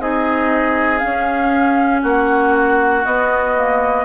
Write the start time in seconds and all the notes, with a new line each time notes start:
0.00 C4 D#4 G#4 D#5
0.99 C#4 F5
1.06 C#4
2.02 A#3 F#4 F#5
3.06 B3 D#5
3.56 A#3